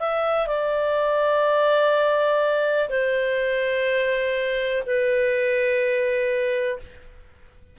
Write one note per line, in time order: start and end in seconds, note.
0.00 0.47 E5
0.47 2.89 D5
2.89 4.83 C5
4.86 6.80 B4